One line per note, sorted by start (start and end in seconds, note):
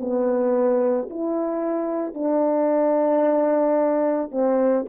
0.00 1.09 B3
1.10 2.14 E4
2.14 4.31 D4
4.31 4.85 C4